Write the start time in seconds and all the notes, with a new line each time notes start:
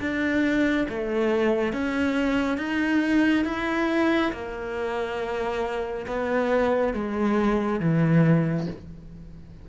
0.00 D4
0.89 A3
1.73 C#4
2.58 D#4
3.45 E4
4.32 A#3
6.07 B3
6.94 G#3
7.80 E3